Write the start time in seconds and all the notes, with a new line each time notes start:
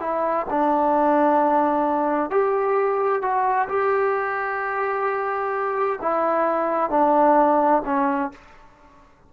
0.00 E4
0.50 D4
2.30 G4
3.22 F#4
3.68 G4
6.01 E4
6.90 D4
7.85 C#4